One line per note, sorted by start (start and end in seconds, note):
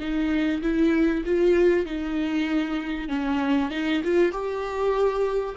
0.00 0.62 D#4
0.63 1.25 E4
1.26 1.86 F4
1.86 3.09 D#4
3.09 3.71 C#4
3.71 4.02 D#4
4.04 4.32 F4
4.32 5.56 G4